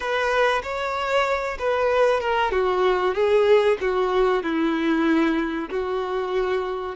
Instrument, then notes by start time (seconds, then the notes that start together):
violin
0.00 B4
0.62 C#5
1.58 B4
2.20 A#4
2.51 F#4
3.14 G#4
3.80 F#4
4.43 E4
5.70 F#4